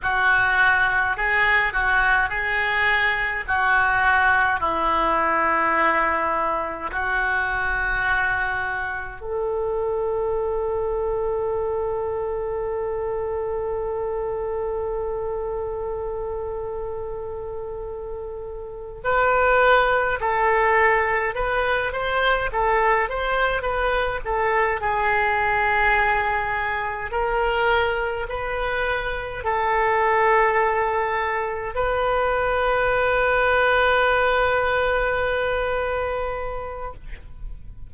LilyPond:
\new Staff \with { instrumentName = "oboe" } { \time 4/4 \tempo 4 = 52 fis'4 gis'8 fis'8 gis'4 fis'4 | e'2 fis'2 | a'1~ | a'1~ |
a'8 b'4 a'4 b'8 c''8 a'8 | c''8 b'8 a'8 gis'2 ais'8~ | ais'8 b'4 a'2 b'8~ | b'1 | }